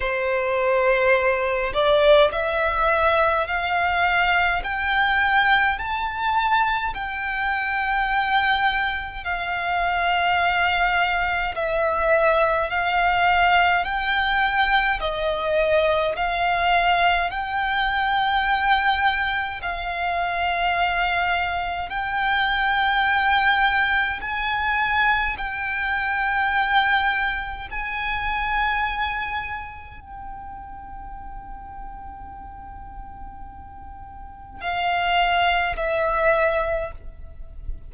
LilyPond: \new Staff \with { instrumentName = "violin" } { \time 4/4 \tempo 4 = 52 c''4. d''8 e''4 f''4 | g''4 a''4 g''2 | f''2 e''4 f''4 | g''4 dis''4 f''4 g''4~ |
g''4 f''2 g''4~ | g''4 gis''4 g''2 | gis''2 g''2~ | g''2 f''4 e''4 | }